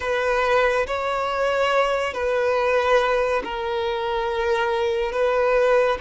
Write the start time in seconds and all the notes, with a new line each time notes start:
0.00 B4
0.86 C#5
2.14 B4
3.44 A#4
5.12 B4